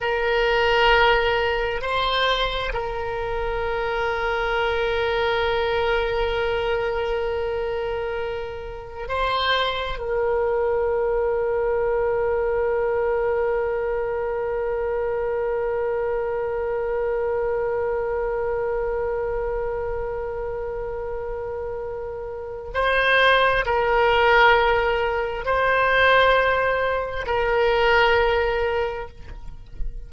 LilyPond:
\new Staff \with { instrumentName = "oboe" } { \time 4/4 \tempo 4 = 66 ais'2 c''4 ais'4~ | ais'1~ | ais'2 c''4 ais'4~ | ais'1~ |
ais'1~ | ais'1~ | ais'4 c''4 ais'2 | c''2 ais'2 | }